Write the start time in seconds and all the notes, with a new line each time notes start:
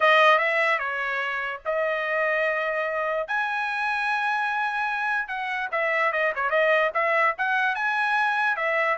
0.00 D#5
0.38 E5
0.78 C#5
1.65 D#5
3.27 G#5
5.27 F#5
5.71 E5
6.12 D#5
6.35 C#5
6.50 D#5
6.94 E5
7.37 F#5
7.75 G#5
8.56 E5